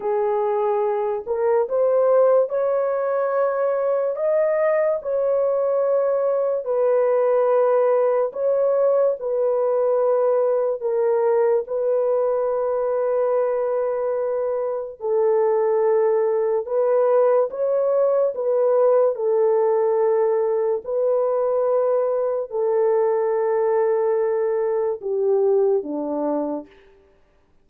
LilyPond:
\new Staff \with { instrumentName = "horn" } { \time 4/4 \tempo 4 = 72 gis'4. ais'8 c''4 cis''4~ | cis''4 dis''4 cis''2 | b'2 cis''4 b'4~ | b'4 ais'4 b'2~ |
b'2 a'2 | b'4 cis''4 b'4 a'4~ | a'4 b'2 a'4~ | a'2 g'4 d'4 | }